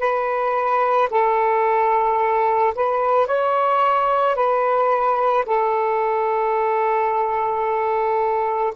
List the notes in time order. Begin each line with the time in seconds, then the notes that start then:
0.00 B4
1.11 A4
2.75 B4
3.27 C#5
4.36 B4
5.46 A4